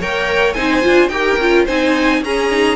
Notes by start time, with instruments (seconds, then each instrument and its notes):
0.00 cello A#3, viola A#4, violin C#5 G5
0.54 cello C4, viola D#4, violin C5 G#5
0.82 cello D4, viola F4
1.09 cello D#4, viola G4, violin A#4 G5
1.39 cello C#4, viola F4
1.66 cello C4, viola D#4, violin C5 G#5
2.22 cello C#4, viola C#4, violin G#4 A#5
2.51 viola D#4